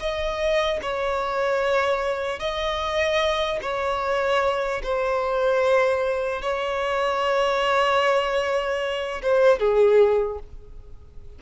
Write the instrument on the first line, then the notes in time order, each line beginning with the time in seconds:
violin
0.00 D#5
0.82 C#5
2.40 D#5
3.62 C#5
4.83 C5
6.42 C#5
9.23 C5
9.60 G#4